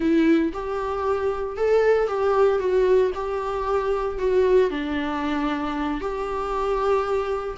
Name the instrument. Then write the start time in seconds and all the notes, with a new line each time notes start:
viola
0.00 E4
0.53 G4
1.57 A4
2.07 G4
2.59 F#4
3.14 G4
4.18 F#4
4.70 D4
6.00 G4